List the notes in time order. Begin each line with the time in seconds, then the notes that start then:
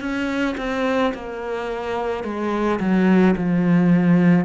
0.00 C#4
0.58 C4
1.15 A#3
2.24 G#3
2.80 F#3
3.36 F3